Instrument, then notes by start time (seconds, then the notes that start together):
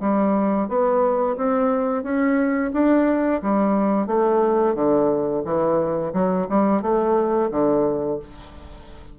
bassoon
0.00 G3
0.68 B3
1.37 C4
2.03 C#4
2.73 D4
3.42 G3
4.07 A3
4.74 D3
5.45 E3
6.13 F#3
6.49 G3
6.82 A3
7.51 D3